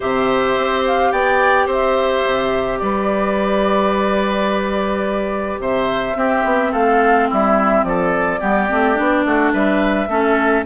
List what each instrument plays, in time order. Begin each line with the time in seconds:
0.00 bassoon C3, clarinet G4, oboe C5, flute E5
0.57 bassoon C4
0.86 flute F5
1.12 bassoon B3, oboe D5, flute G5
1.66 bassoon C4, oboe C5, flute E5
2.25 bassoon C3
2.79 bassoon G3, oboe B4, flute D5
5.59 bassoon C3, oboe C5, flute E5
6.15 bassoon C4, clarinet C4, oboe G4
6.44 bassoon B3
6.71 bassoon A3, oboe A4, flute F5
7.28 bassoon G3, oboe E4, flute E5
7.83 bassoon F3, oboe A4, flute D5
8.40 bassoon G3, clarinet B3, oboe G4
8.68 bassoon A3, clarinet C4
8.95 bassoon B3, clarinet D4
9.25 bassoon A3, oboe F#4
9.52 bassoon G3, oboe B4, flute E5
10.07 bassoon A3, clarinet C#4, oboe A4